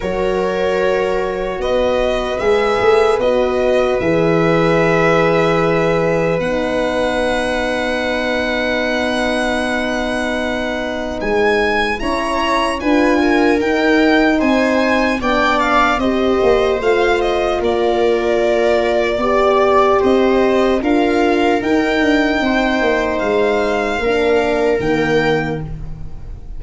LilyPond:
<<
  \new Staff \with { instrumentName = "violin" } { \time 4/4 \tempo 4 = 75 cis''2 dis''4 e''4 | dis''4 e''2. | fis''1~ | fis''2 gis''4 ais''4 |
gis''4 g''4 gis''4 g''8 f''8 | dis''4 f''8 dis''8 d''2~ | d''4 dis''4 f''4 g''4~ | g''4 f''2 g''4 | }
  \new Staff \with { instrumentName = "viola" } { \time 4/4 ais'2 b'2~ | b'1~ | b'1~ | b'2. cis''4 |
b'8 ais'4. c''4 d''4 | c''2 ais'2 | d''4 c''4 ais'2 | c''2 ais'2 | }
  \new Staff \with { instrumentName = "horn" } { \time 4/4 fis'2. gis'4 | fis'4 gis'2. | dis'1~ | dis'2. e'4 |
f'4 dis'2 d'4 | g'4 f'2. | g'2 f'4 dis'4~ | dis'2 d'4 ais4 | }
  \new Staff \with { instrumentName = "tuba" } { \time 4/4 fis2 b4 gis8 a8 | b4 e2. | b1~ | b2 gis4 cis'4 |
d'4 dis'4 c'4 b4 | c'8 ais8 a4 ais2 | b4 c'4 d'4 dis'8 d'8 | c'8 ais8 gis4 ais4 dis4 | }
>>